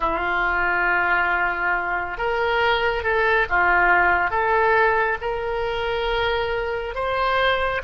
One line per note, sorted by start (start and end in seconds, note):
0.00 2.17 F4
2.17 3.03 A#4
3.03 3.46 A4
3.49 4.30 F4
4.30 5.17 A4
5.21 6.94 A#4
6.94 7.81 C5